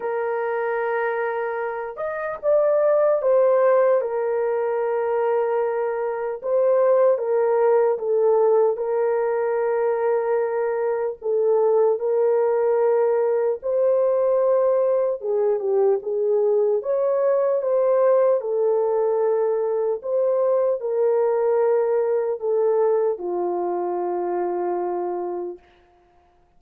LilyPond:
\new Staff \with { instrumentName = "horn" } { \time 4/4 \tempo 4 = 75 ais'2~ ais'8 dis''8 d''4 | c''4 ais'2. | c''4 ais'4 a'4 ais'4~ | ais'2 a'4 ais'4~ |
ais'4 c''2 gis'8 g'8 | gis'4 cis''4 c''4 a'4~ | a'4 c''4 ais'2 | a'4 f'2. | }